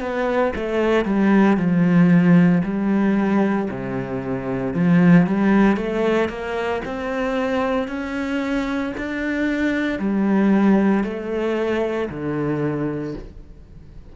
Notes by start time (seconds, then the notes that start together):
0.00 B3
0.56 A3
1.05 G3
1.57 F3
2.64 G3
3.70 C3
4.74 F3
5.27 G3
5.77 A3
6.29 A#3
6.85 C4
7.88 C#4
8.97 D4
9.99 G3
11.04 A3
12.10 D3